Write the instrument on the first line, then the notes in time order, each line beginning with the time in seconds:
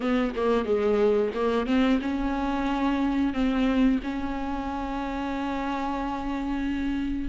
viola
0.00 B3
0.35 A#3
0.65 G#3
1.34 A#3
1.66 C4
2.01 C#4
3.33 C4
4.03 C#4